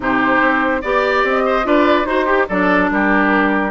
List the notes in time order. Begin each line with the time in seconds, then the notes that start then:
0.00 C3 D#4 G4 C5
0.41 C4
0.81 B3 G4 D5
1.24 C4 D#5
1.45 C5
1.63 D4 F4 B4 D5
2.05 D#4 F#4 C5
2.25 G4
2.49 F#3 D4 A4 D5
2.91 G3 G4 A#4